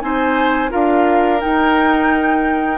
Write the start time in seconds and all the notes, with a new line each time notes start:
0.00 C4 D#4 C5 G#5
0.69 D4 F4 A#4 F5
1.40 D#4 G5